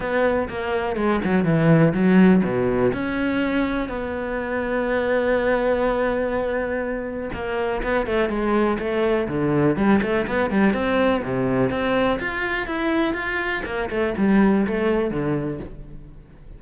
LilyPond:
\new Staff \with { instrumentName = "cello" } { \time 4/4 \tempo 4 = 123 b4 ais4 gis8 fis8 e4 | fis4 b,4 cis'2 | b1~ | b2. ais4 |
b8 a8 gis4 a4 d4 | g8 a8 b8 g8 c'4 c4 | c'4 f'4 e'4 f'4 | ais8 a8 g4 a4 d4 | }